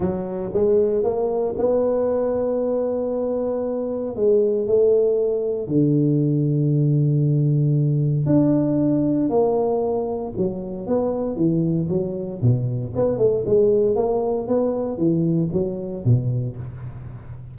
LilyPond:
\new Staff \with { instrumentName = "tuba" } { \time 4/4 \tempo 4 = 116 fis4 gis4 ais4 b4~ | b1 | gis4 a2 d4~ | d1 |
d'2 ais2 | fis4 b4 e4 fis4 | b,4 b8 a8 gis4 ais4 | b4 e4 fis4 b,4 | }